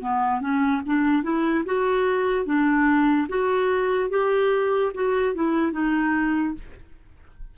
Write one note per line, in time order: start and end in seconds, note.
0.00 0.41 B3
0.41 0.82 C#4
0.86 1.23 D4
1.23 1.64 E4
1.66 2.45 F#4
2.45 3.27 D4
3.28 4.10 F#4
4.10 4.92 G4
4.94 5.35 F#4
5.35 5.72 E4
5.72 6.54 D#4